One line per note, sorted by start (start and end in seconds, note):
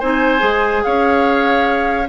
0.00 0.42 C4
0.00 0.40 D#4
0.00 0.83 C5
0.00 0.84 G#5
0.40 0.84 G#3
0.40 2.06 G#4
0.84 2.09 C#4
0.84 2.09 C#5
0.84 2.09 F5